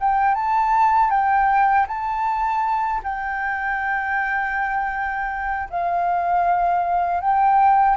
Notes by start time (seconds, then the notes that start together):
0.00 G5
0.35 A5
1.11 G5
1.88 A5
3.03 G5
5.70 F5
7.21 G5